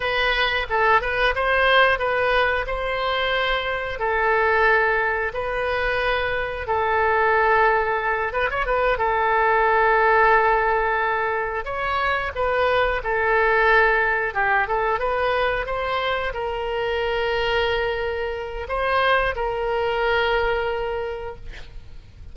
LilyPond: \new Staff \with { instrumentName = "oboe" } { \time 4/4 \tempo 4 = 90 b'4 a'8 b'8 c''4 b'4 | c''2 a'2 | b'2 a'2~ | a'8 b'16 cis''16 b'8 a'2~ a'8~ |
a'4. cis''4 b'4 a'8~ | a'4. g'8 a'8 b'4 c''8~ | c''8 ais'2.~ ais'8 | c''4 ais'2. | }